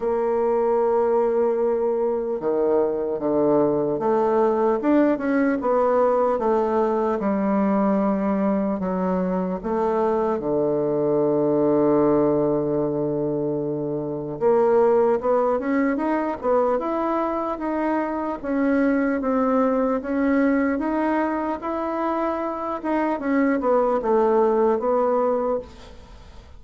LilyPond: \new Staff \with { instrumentName = "bassoon" } { \time 4/4 \tempo 4 = 75 ais2. dis4 | d4 a4 d'8 cis'8 b4 | a4 g2 fis4 | a4 d2.~ |
d2 ais4 b8 cis'8 | dis'8 b8 e'4 dis'4 cis'4 | c'4 cis'4 dis'4 e'4~ | e'8 dis'8 cis'8 b8 a4 b4 | }